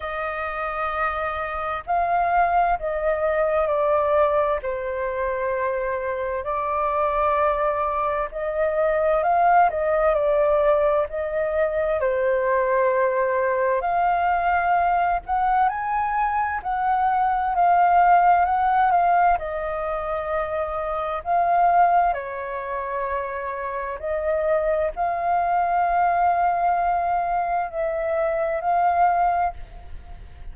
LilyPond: \new Staff \with { instrumentName = "flute" } { \time 4/4 \tempo 4 = 65 dis''2 f''4 dis''4 | d''4 c''2 d''4~ | d''4 dis''4 f''8 dis''8 d''4 | dis''4 c''2 f''4~ |
f''8 fis''8 gis''4 fis''4 f''4 | fis''8 f''8 dis''2 f''4 | cis''2 dis''4 f''4~ | f''2 e''4 f''4 | }